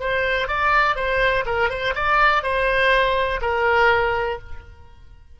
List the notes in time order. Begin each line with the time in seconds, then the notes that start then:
0.00 C5
0.48 D5
0.96 C5
1.46 A#4
1.70 C5
1.95 D5
2.43 C5
3.42 A#4